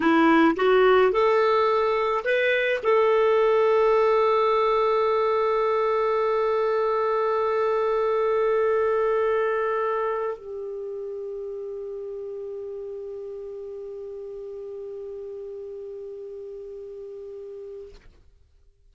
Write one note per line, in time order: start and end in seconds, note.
0.00 0.55 E4
0.56 1.11 F#4
1.11 2.24 A4
2.24 2.80 B4
2.83 10.37 A4
10.37 17.94 G4